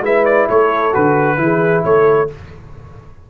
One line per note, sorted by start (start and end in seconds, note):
0.00 0.45 G#3
0.00 0.92 E4
0.00 0.48 B4
0.00 0.25 E5
0.25 0.47 D5
0.48 0.94 A3
0.48 1.38 A4
0.48 0.94 C#5
0.92 1.37 D3
0.92 1.37 F#4
0.92 1.84 B4
1.37 1.83 E3
1.37 2.27 E4
1.37 1.85 G#4
1.84 2.29 A3
1.84 2.30 A4
1.84 2.29 C#5